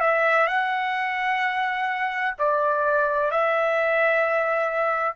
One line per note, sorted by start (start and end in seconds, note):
0.00 0.47 E5
0.47 2.34 F#5
2.39 3.31 D5
3.31 5.15 E5